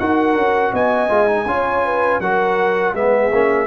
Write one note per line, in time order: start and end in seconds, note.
0.00 0.35 D#4
0.00 1.09 F#4
0.00 0.73 A#4
0.00 0.74 F#5
0.35 0.72 C#4
0.73 1.10 B3
0.73 1.47 D#5
0.73 2.21 G#5
1.09 1.46 G#3
1.09 1.27 F4
1.27 1.46 D#4
1.46 2.20 C#4
1.46 2.22 F4
1.46 1.86 C#5
1.86 2.21 B4
2.21 2.94 F#3
2.21 2.95 F#4
2.21 2.95 A#4
2.21 2.95 F#5
2.94 3.31 G#3
2.94 3.32 B3
2.94 3.68 G#4
2.94 3.68 E5
3.33 3.68 A#3
3.33 3.68 C#4